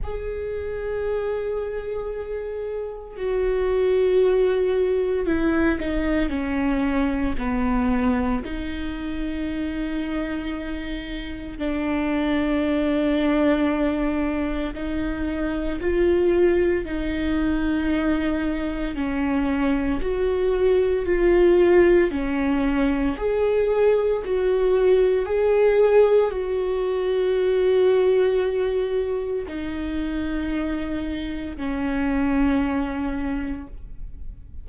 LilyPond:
\new Staff \with { instrumentName = "viola" } { \time 4/4 \tempo 4 = 57 gis'2. fis'4~ | fis'4 e'8 dis'8 cis'4 b4 | dis'2. d'4~ | d'2 dis'4 f'4 |
dis'2 cis'4 fis'4 | f'4 cis'4 gis'4 fis'4 | gis'4 fis'2. | dis'2 cis'2 | }